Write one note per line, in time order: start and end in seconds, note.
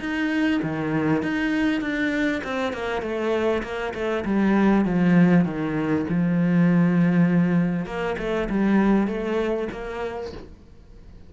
0.00 0.61 D#4
0.63 1.23 D#3
1.23 1.81 D#4
1.81 2.42 D4
2.44 2.73 C4
2.73 3.02 A#3
3.02 3.63 A3
3.63 3.93 A#3
3.94 4.25 A3
4.25 4.85 G3
4.85 5.45 F3
5.45 6.06 D#3
6.09 7.86 F3
7.86 8.16 A#3
8.18 8.48 A3
8.49 9.08 G3
9.08 9.68 A3
9.72 10.33 A#3